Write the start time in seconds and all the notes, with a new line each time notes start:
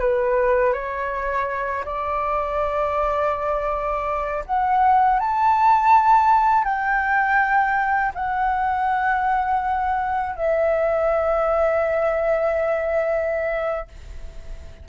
0.00 B4
0.73 C#5
1.85 D5
4.46 F#5
5.20 A5
6.64 G5
8.14 F#5
10.36 E5